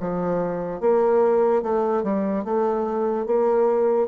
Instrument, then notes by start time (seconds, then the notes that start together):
bassoon
0.00 F3
0.80 A#3
1.62 A3
2.03 G3
2.44 A3
3.26 A#3